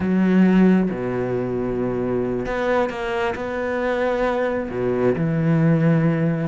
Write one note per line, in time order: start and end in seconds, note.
0.00 0.89 F#3
0.90 2.46 B2
2.46 2.89 B3
2.89 3.34 A#3
3.35 4.69 B3
4.70 5.15 B2
5.15 6.47 E3